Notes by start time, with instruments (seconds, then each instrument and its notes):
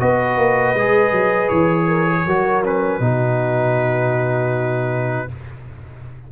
0.00 tuba B3, trombone F#4, horn B4, trumpet D#5
0.37 tuba A#3
0.74 tuba G#3, trombone G#4
1.12 tuba F#3
1.49 tuba E3, trumpet C#5
1.88 horn A#4
2.06 horn G#4
2.26 tuba F#3, trombone F#4, horn A#4
2.64 trombone C#4, trumpet B4
3.00 tuba B2, trombone D#4, horn F#4